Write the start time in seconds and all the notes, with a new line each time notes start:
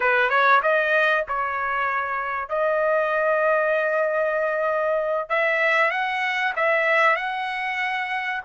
0.00 B4
0.29 C#5
0.62 D#5
1.28 C#5
2.48 D#5
5.29 E5
5.90 F#5
6.55 E5
7.16 F#5